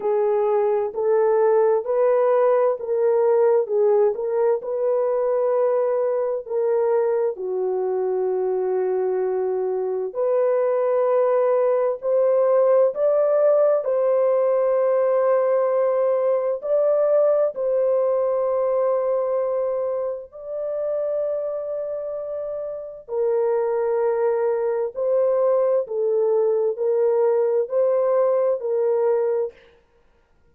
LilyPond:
\new Staff \with { instrumentName = "horn" } { \time 4/4 \tempo 4 = 65 gis'4 a'4 b'4 ais'4 | gis'8 ais'8 b'2 ais'4 | fis'2. b'4~ | b'4 c''4 d''4 c''4~ |
c''2 d''4 c''4~ | c''2 d''2~ | d''4 ais'2 c''4 | a'4 ais'4 c''4 ais'4 | }